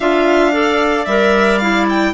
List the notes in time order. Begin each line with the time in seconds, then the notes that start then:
0.00 D4 F4 E5 F5
0.52 A4 D5
1.05 G3 A#4 E5
1.58 E4 F5
1.89 G5